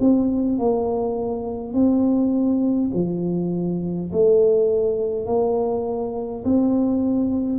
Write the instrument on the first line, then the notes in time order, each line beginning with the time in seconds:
tuba
0.00 C4
0.59 A#3
1.73 C4
2.94 F3
4.13 A3
5.26 A#3
6.44 C4